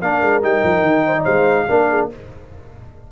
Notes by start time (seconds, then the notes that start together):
0.00 A#3 D4 A#4 F5
0.21 G#3
0.42 G3 D#4 G5
0.63 F3
0.81 D#3
1.06 C5
1.17 D5
1.23 G#3 C5 F5
1.67 A#3 D4 A#4
1.89 G#4